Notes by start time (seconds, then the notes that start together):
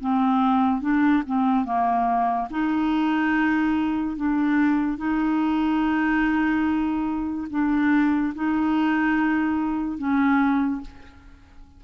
0.00 C4
0.81 D4
1.27 C4
1.65 A#3
2.50 D#4
4.17 D4
4.98 D#4
7.50 D4
8.35 D#4
9.98 C#4